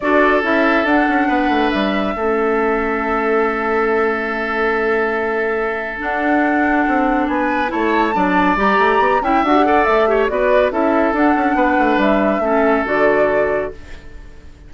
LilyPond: <<
  \new Staff \with { instrumentName = "flute" } { \time 4/4 \tempo 4 = 140 d''4 e''4 fis''2 | e''1~ | e''1~ | e''2 fis''2~ |
fis''4 gis''4 a''2 | ais''4. g''8 fis''4 e''4 | d''4 e''4 fis''2 | e''2 d''2 | }
  \new Staff \with { instrumentName = "oboe" } { \time 4/4 a'2. b'4~ | b'4 a'2.~ | a'1~ | a'1~ |
a'4 b'4 cis''4 d''4~ | d''4. e''4 d''4 cis''8 | b'4 a'2 b'4~ | b'4 a'2. | }
  \new Staff \with { instrumentName = "clarinet" } { \time 4/4 fis'4 e'4 d'2~ | d'4 cis'2.~ | cis'1~ | cis'2 d'2~ |
d'2 e'4 d'4 | g'4. e'8 fis'16 g'16 a'4 g'8 | fis'4 e'4 d'2~ | d'4 cis'4 fis'2 | }
  \new Staff \with { instrumentName = "bassoon" } { \time 4/4 d'4 cis'4 d'8 cis'8 b8 a8 | g4 a2.~ | a1~ | a2 d'2 |
c'4 b4 a4 fis4 | g8 a8 b8 cis'8 d'4 a4 | b4 cis'4 d'8 cis'8 b8 a8 | g4 a4 d2 | }
>>